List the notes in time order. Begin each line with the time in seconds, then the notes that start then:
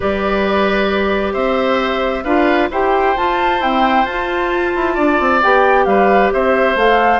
0.00 G3 G4 B4 D5
1.33 C4 C5 E5
2.23 D4 F4 B4 F5
2.70 E4 G4 C5 G5
3.16 F4 A5
3.60 C4 E4 G5
4.05 F4 A5
4.75 E4
4.94 D4 D5
5.20 C4
5.42 B3 G4 G5
5.85 G3 B4 F5
6.32 C4 C5 E5
6.75 A3 A4 F5